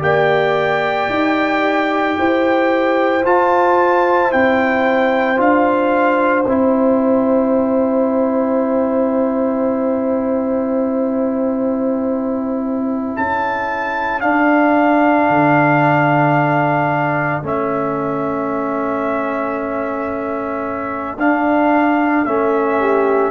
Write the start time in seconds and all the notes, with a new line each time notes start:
0.00 A#3 G4 D5 G5
1.10 D#4
2.19 E4 C5
3.26 F4 A5
4.33 C4 E4 G5
5.37 D4 F4 F5
6.44 C4 E4 G5
13.17 C#4 A4 A5
14.21 D4 F5
15.30 D3
17.43 A3 C#4 E5
21.18 D4 F5
22.26 A3 C#4 E5
22.80 G4